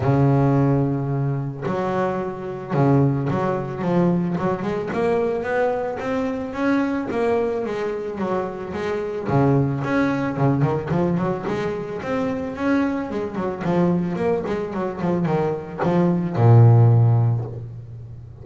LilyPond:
\new Staff \with { instrumentName = "double bass" } { \time 4/4 \tempo 4 = 110 cis2. fis4~ | fis4 cis4 fis4 f4 | fis8 gis8 ais4 b4 c'4 | cis'4 ais4 gis4 fis4 |
gis4 cis4 cis'4 cis8 dis8 | f8 fis8 gis4 c'4 cis'4 | gis8 fis8 f4 ais8 gis8 fis8 f8 | dis4 f4 ais,2 | }